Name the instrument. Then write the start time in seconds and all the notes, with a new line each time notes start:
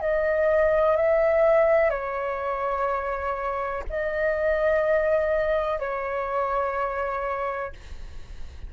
flute
0.00 D#5
0.96 E5
1.90 C#5
3.89 D#5
5.79 C#5